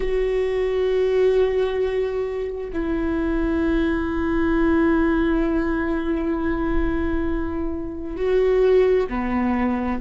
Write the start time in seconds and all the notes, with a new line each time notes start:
0.00 F#4
2.72 E4
8.16 F#4
9.09 B3